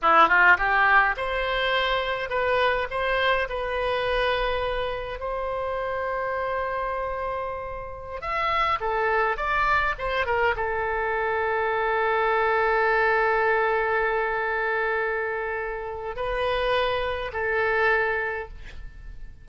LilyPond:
\new Staff \with { instrumentName = "oboe" } { \time 4/4 \tempo 4 = 104 e'8 f'8 g'4 c''2 | b'4 c''4 b'2~ | b'4 c''2.~ | c''2~ c''16 e''4 a'8.~ |
a'16 d''4 c''8 ais'8 a'4.~ a'16~ | a'1~ | a'1 | b'2 a'2 | }